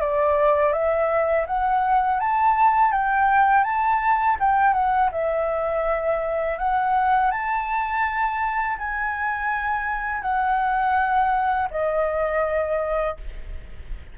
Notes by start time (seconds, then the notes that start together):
0.00 D5
0.73 E5
1.46 F#5
2.20 A5
2.92 G5
3.64 A5
4.40 G5
4.73 F#5
5.12 E5
6.58 F#5
7.31 A5
8.78 G#5
10.22 F#5
11.70 D#5